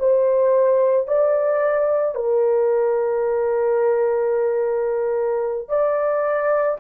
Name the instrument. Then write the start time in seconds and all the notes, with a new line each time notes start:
horn
0.00 C5
1.08 D5
2.15 A#4
5.69 D5